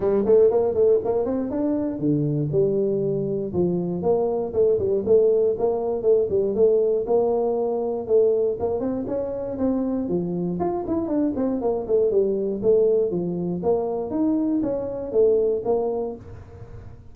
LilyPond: \new Staff \with { instrumentName = "tuba" } { \time 4/4 \tempo 4 = 119 g8 a8 ais8 a8 ais8 c'8 d'4 | d4 g2 f4 | ais4 a8 g8 a4 ais4 | a8 g8 a4 ais2 |
a4 ais8 c'8 cis'4 c'4 | f4 f'8 e'8 d'8 c'8 ais8 a8 | g4 a4 f4 ais4 | dis'4 cis'4 a4 ais4 | }